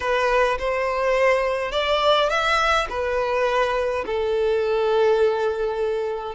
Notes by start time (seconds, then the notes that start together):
0.00 B4
0.58 C5
1.72 D5
2.29 E5
2.89 B4
4.06 A4